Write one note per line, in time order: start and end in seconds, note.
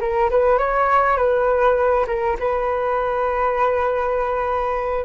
0.00 0.30 A#4
0.30 0.58 B4
0.58 1.17 C#5
1.17 2.06 B4
2.07 2.37 A#4
2.39 5.05 B4